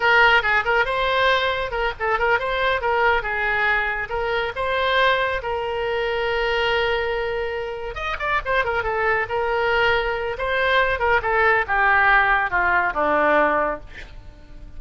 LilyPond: \new Staff \with { instrumentName = "oboe" } { \time 4/4 \tempo 4 = 139 ais'4 gis'8 ais'8 c''2 | ais'8 a'8 ais'8 c''4 ais'4 gis'8~ | gis'4. ais'4 c''4.~ | c''8 ais'2.~ ais'8~ |
ais'2~ ais'8 dis''8 d''8 c''8 | ais'8 a'4 ais'2~ ais'8 | c''4. ais'8 a'4 g'4~ | g'4 f'4 d'2 | }